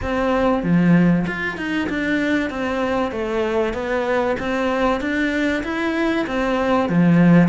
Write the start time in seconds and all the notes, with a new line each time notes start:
0.02 C4
0.62 F3
1.27 F4
1.57 D#4
1.89 D4
2.49 C4
3.11 A3
3.73 B3
4.39 C4
5.00 D4
5.63 E4
6.27 C4
6.89 F3